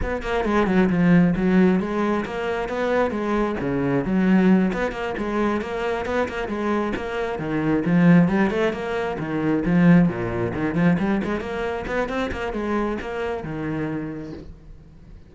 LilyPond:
\new Staff \with { instrumentName = "cello" } { \time 4/4 \tempo 4 = 134 b8 ais8 gis8 fis8 f4 fis4 | gis4 ais4 b4 gis4 | cis4 fis4. b8 ais8 gis8~ | gis8 ais4 b8 ais8 gis4 ais8~ |
ais8 dis4 f4 g8 a8 ais8~ | ais8 dis4 f4 ais,4 dis8 | f8 g8 gis8 ais4 b8 c'8 ais8 | gis4 ais4 dis2 | }